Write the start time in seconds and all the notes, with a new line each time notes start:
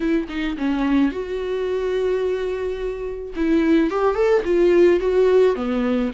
0.00 E4
0.29 D#4
0.57 C#4
1.11 F#4
3.36 E4
3.90 G4
4.14 A4
4.44 F4
5.00 F#4
5.55 B3